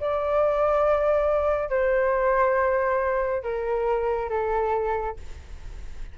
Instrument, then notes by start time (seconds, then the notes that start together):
flute
0.00 D5
1.69 C5
3.43 A#4
4.29 A4